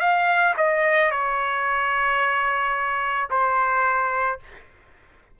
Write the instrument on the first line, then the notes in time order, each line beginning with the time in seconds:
trumpet
0.00 F5
0.58 D#5
1.12 C#5
3.31 C5